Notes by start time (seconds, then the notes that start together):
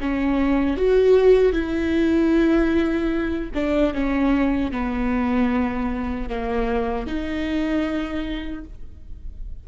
0.00 C#4
0.77 F#4
1.53 E4
3.54 D4
3.94 C#4
4.71 B3
6.29 A#3
7.06 D#4